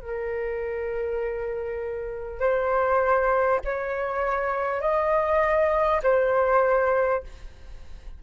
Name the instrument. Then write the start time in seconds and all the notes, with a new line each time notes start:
flute
0.00 A#4
2.40 C5
3.64 C#5
4.81 D#5
6.03 C5